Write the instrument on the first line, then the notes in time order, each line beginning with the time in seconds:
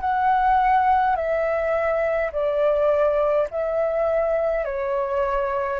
flute
0.00 F#5
1.15 E5
2.32 D5
3.50 E5
4.64 C#5